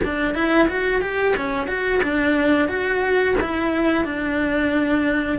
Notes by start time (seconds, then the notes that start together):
0.04 D4
0.34 E4
0.68 F#4
1.01 G4
1.36 C#4
1.67 F#4
2.02 D4
2.68 F#4
3.40 E4
4.04 D4